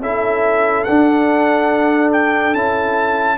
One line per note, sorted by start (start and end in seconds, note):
0.00 0.85 C#4
0.00 0.87 E4
0.00 3.38 A4
0.00 0.84 E5
0.84 2.55 D4
0.84 2.54 D4
0.84 2.11 F#5
2.13 2.55 G5
2.54 3.38 C#4
2.54 3.38 E4
2.54 3.38 A5